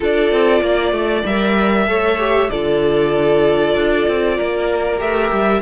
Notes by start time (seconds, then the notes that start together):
0.00 D4 F4 A4 D5
0.32 C4
0.61 A#3 D5
0.92 A3
1.25 G3 A#4 E5
1.87 A3 A4 C#5
2.18 G4
2.50 D3 F4 A4 D5
3.75 D4
4.07 C4
4.36 A#3 A#4
4.97 A3 G4 E5
5.32 G3